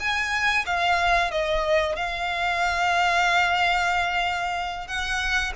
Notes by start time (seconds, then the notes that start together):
0.00 G#5
0.66 F5
1.32 D#5
1.97 F5
4.88 F#5